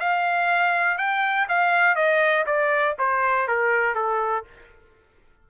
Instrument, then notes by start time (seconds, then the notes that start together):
trumpet
0.00 F5
0.98 G5
1.49 F5
1.95 D#5
2.46 D5
2.99 C5
3.48 A#4
3.95 A4